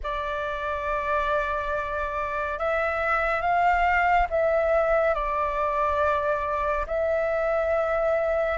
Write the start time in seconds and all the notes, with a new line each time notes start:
0.03 D5
2.58 E5
3.41 F5
4.30 E5
5.14 D5
6.86 E5